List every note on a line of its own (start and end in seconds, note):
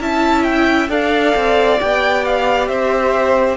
0.00 0.88 C#4
0.00 0.89 E4
0.00 0.89 E5
0.00 0.43 A5
0.43 0.88 G5
0.88 1.33 D4
0.88 1.78 A4
0.88 2.68 D5
0.88 1.80 F5
1.35 1.80 C4
1.80 2.68 B3
1.80 3.57 G4
1.80 2.24 G5
2.24 2.67 F5
2.67 3.57 C4
2.67 3.57 C5
2.67 3.57 E5